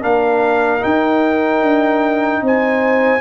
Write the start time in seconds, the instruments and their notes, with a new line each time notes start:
0.00 tuba A#3, trombone D4, horn A#4, trumpet F5
0.79 trombone D#4, tuba D#4, trumpet G5
1.61 tuba D4
2.42 tuba C4, horn C5, trumpet G#5